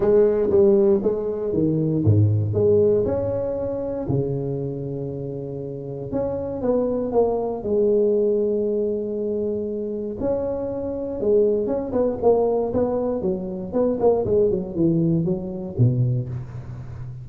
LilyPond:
\new Staff \with { instrumentName = "tuba" } { \time 4/4 \tempo 4 = 118 gis4 g4 gis4 dis4 | gis,4 gis4 cis'2 | cis1 | cis'4 b4 ais4 gis4~ |
gis1 | cis'2 gis4 cis'8 b8 | ais4 b4 fis4 b8 ais8 | gis8 fis8 e4 fis4 b,4 | }